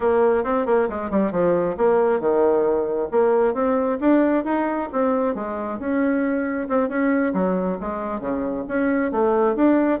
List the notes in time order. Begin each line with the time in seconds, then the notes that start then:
0.00 A#3
0.43 C4
0.66 A#3
0.89 G#3
1.10 G3
1.31 F3
1.77 A#3
2.20 D#3
3.11 A#3
3.54 C4
4.00 D4
4.44 D#4
4.92 C4
5.34 G#3
5.79 C#4
6.68 C4
6.88 C#4
7.33 F#3
7.80 G#3
8.20 C#3
8.68 C#4
9.11 A3
9.55 D4